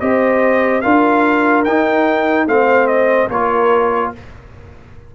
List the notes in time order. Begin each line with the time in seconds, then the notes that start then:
0.00 C4 G4 C5 D#5
0.81 D4 F4 A#4 F5
1.65 D#4 G5
2.46 A3 C4 C5 F5
2.87 D#5
3.29 A#3 F4 A#4 C#5